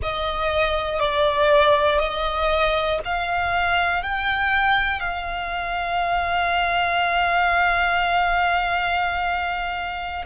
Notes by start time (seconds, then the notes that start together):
0.02 D#5
1.00 D5
1.99 D#5
3.05 F5
4.03 G5
5.00 F5